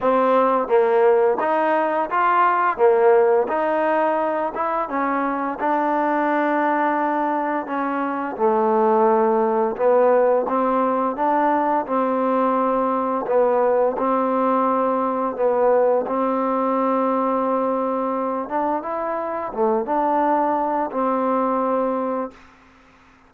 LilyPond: \new Staff \with { instrumentName = "trombone" } { \time 4/4 \tempo 4 = 86 c'4 ais4 dis'4 f'4 | ais4 dis'4. e'8 cis'4 | d'2. cis'4 | a2 b4 c'4 |
d'4 c'2 b4 | c'2 b4 c'4~ | c'2~ c'8 d'8 e'4 | a8 d'4. c'2 | }